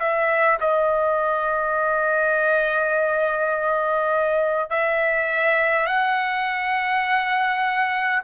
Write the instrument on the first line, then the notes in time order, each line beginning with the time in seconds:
trumpet
0.00 E5
0.61 D#5
4.71 E5
5.87 F#5